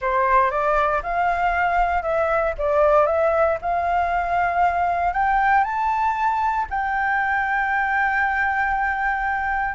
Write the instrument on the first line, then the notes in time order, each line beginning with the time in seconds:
flute
0.01 C5
0.50 D5
1.02 F5
2.02 E5
2.58 D5
3.06 E5
3.61 F5
5.13 G5
5.64 A5
6.69 G5